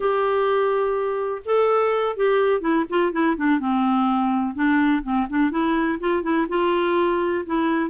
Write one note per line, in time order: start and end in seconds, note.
0.00 1.42 G4
1.45 2.16 A4
2.16 2.61 G4
2.61 2.85 E4
2.89 3.12 F4
3.12 3.36 E4
3.36 3.59 D4
3.59 4.54 C4
4.54 5.02 D4
5.03 5.27 C4
5.29 5.51 D4
5.51 5.99 E4
6.00 6.22 F4
6.22 6.46 E4
6.48 7.44 F4
7.46 7.90 E4